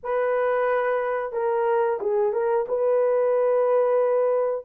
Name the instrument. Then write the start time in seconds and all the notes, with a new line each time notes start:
horn
0.03 B4
1.32 A#4
2.00 G#4
2.32 A#4
2.68 B4